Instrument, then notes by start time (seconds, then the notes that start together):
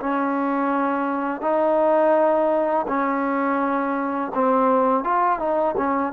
trombone
0.00 C#4
1.41 D#4
2.88 C#4
4.35 C4
5.04 F4
5.39 D#4
5.77 C#4